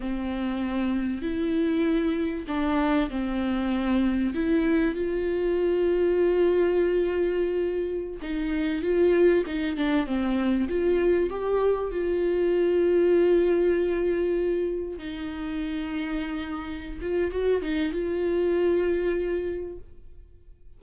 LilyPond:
\new Staff \with { instrumentName = "viola" } { \time 4/4 \tempo 4 = 97 c'2 e'2 | d'4 c'2 e'4 | f'1~ | f'4~ f'16 dis'4 f'4 dis'8 d'16~ |
d'16 c'4 f'4 g'4 f'8.~ | f'1~ | f'16 dis'2.~ dis'16 f'8 | fis'8 dis'8 f'2. | }